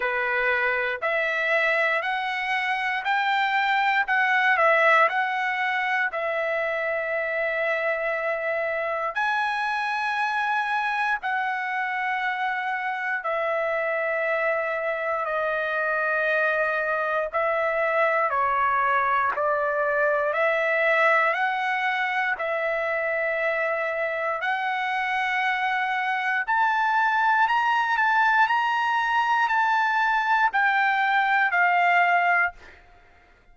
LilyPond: \new Staff \with { instrumentName = "trumpet" } { \time 4/4 \tempo 4 = 59 b'4 e''4 fis''4 g''4 | fis''8 e''8 fis''4 e''2~ | e''4 gis''2 fis''4~ | fis''4 e''2 dis''4~ |
dis''4 e''4 cis''4 d''4 | e''4 fis''4 e''2 | fis''2 a''4 ais''8 a''8 | ais''4 a''4 g''4 f''4 | }